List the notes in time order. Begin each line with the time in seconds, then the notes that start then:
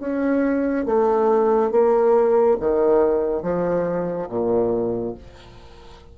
0.00 C#4
0.86 A3
1.71 A#3
2.60 D#3
3.43 F3
4.29 A#2